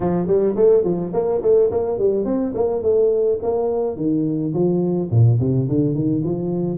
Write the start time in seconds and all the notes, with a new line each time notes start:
0.00 F3
0.27 G3
0.56 A3
0.84 F3
1.13 A#3
1.42 A3
1.70 A#3
1.98 G3
2.25 C4
2.54 A#3
2.82 A3
3.42 A#3
3.96 D#3
4.53 F3
5.10 A#2
5.39 C3
5.68 D3
5.94 D#3
6.24 F3